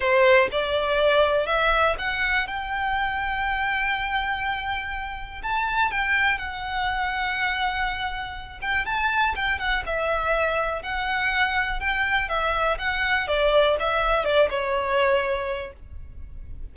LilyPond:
\new Staff \with { instrumentName = "violin" } { \time 4/4 \tempo 4 = 122 c''4 d''2 e''4 | fis''4 g''2.~ | g''2. a''4 | g''4 fis''2.~ |
fis''4. g''8 a''4 g''8 fis''8 | e''2 fis''2 | g''4 e''4 fis''4 d''4 | e''4 d''8 cis''2~ cis''8 | }